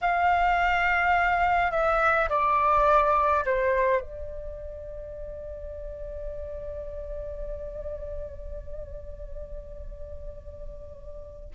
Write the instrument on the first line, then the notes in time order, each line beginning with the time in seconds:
flute
0.01 F5
1.70 E5
2.29 D5
3.45 C5
4.01 D5